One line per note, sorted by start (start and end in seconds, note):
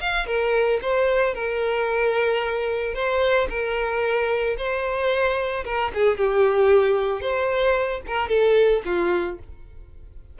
0.00 0.26 F5
0.26 0.80 A#4
0.82 1.34 C5
1.34 2.94 A#4
2.94 3.48 C5
3.49 4.56 A#4
4.57 5.64 C5
5.64 5.91 A#4
5.94 6.17 G#4
6.17 7.21 G4
7.21 8.01 C5
8.07 8.28 A#4
8.28 8.82 A4
8.85 9.38 F4